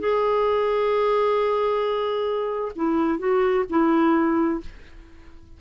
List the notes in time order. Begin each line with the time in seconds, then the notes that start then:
0.00 G#4
2.76 E4
3.19 F#4
3.70 E4